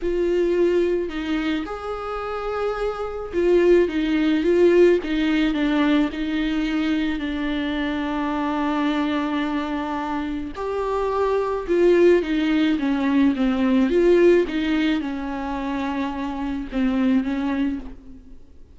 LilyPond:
\new Staff \with { instrumentName = "viola" } { \time 4/4 \tempo 4 = 108 f'2 dis'4 gis'4~ | gis'2 f'4 dis'4 | f'4 dis'4 d'4 dis'4~ | dis'4 d'2.~ |
d'2. g'4~ | g'4 f'4 dis'4 cis'4 | c'4 f'4 dis'4 cis'4~ | cis'2 c'4 cis'4 | }